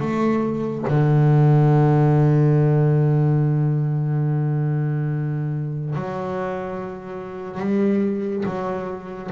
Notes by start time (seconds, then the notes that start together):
0.00 A3
0.88 D3
5.95 F#3
7.60 G3
8.46 F#3